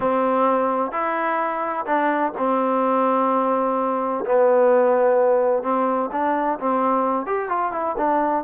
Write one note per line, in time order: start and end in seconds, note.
0.00 0.91 C4
0.91 1.85 E4
1.85 2.32 D4
2.37 4.24 C4
4.25 5.62 B3
5.62 6.09 C4
6.12 6.58 D4
6.59 7.26 C4
7.26 7.49 G4
7.49 7.72 F4
7.72 7.95 E4
7.97 8.44 D4